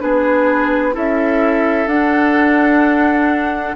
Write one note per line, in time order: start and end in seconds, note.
0.00 0.96 B3
0.00 0.93 D4
0.00 0.95 G#4
0.00 0.94 B4
0.93 1.87 C#4
0.93 1.87 E4
0.93 3.76 A4
0.93 1.88 E5
1.87 3.74 D4
1.87 3.76 D4
1.87 3.76 F#5